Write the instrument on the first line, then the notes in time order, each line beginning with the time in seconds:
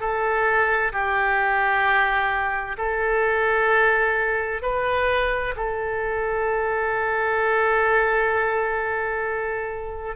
oboe
0.00 A4
0.93 G4
2.78 A4
4.62 B4
5.56 A4